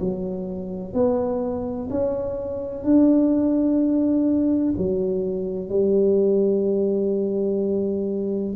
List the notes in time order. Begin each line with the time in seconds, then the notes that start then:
0.00 F#3
0.94 B3
1.90 C#4
2.84 D4
4.78 F#3
5.69 G3